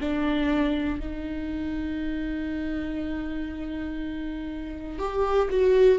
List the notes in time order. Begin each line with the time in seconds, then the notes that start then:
0.00 D4
1.00 D#4
4.99 G4
5.50 F#4